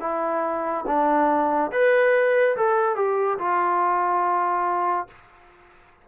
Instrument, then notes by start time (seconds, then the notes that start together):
trombone
0.00 E4
0.87 D4
1.71 B4
2.56 A4
2.96 G4
3.38 F4